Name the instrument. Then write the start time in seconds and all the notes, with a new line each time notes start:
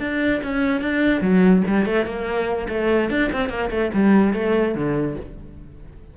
cello
0.00 D4
0.44 C#4
0.81 D4
1.22 F#3
1.67 G3
1.86 A3
2.06 A#3
2.69 A3
3.10 D4
3.33 C4
3.49 A#3
3.71 A3
3.94 G3
4.34 A3
4.75 D3